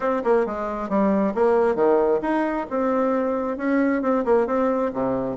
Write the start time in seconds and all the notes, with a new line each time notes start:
0.00 C4
0.24 A#3
0.46 G#3
0.89 G3
1.34 A#3
1.75 D#3
2.21 D#4
2.70 C4
3.57 C#4
4.02 C4
4.24 A#3
4.46 C4
4.93 C3